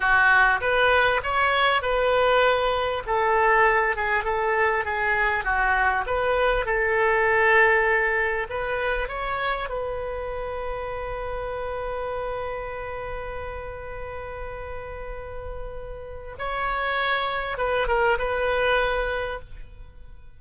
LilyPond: \new Staff \with { instrumentName = "oboe" } { \time 4/4 \tempo 4 = 99 fis'4 b'4 cis''4 b'4~ | b'4 a'4. gis'8 a'4 | gis'4 fis'4 b'4 a'4~ | a'2 b'4 cis''4 |
b'1~ | b'1~ | b'2. cis''4~ | cis''4 b'8 ais'8 b'2 | }